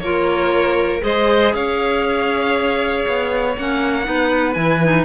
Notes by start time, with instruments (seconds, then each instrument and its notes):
0.00 cello A#3, clarinet F4, violin A#4 C#5
1.00 cello G#3, clarinet G#4, violin C5 D#5
1.54 cello C#4, violin C#5 F5
3.07 cello B3
3.58 cello A#3, clarinet C#4, violin F#5
4.04 cello B3, clarinet D#4, violin B4
4.54 cello E3, clarinet E4, violin G#5
4.83 clarinet D#4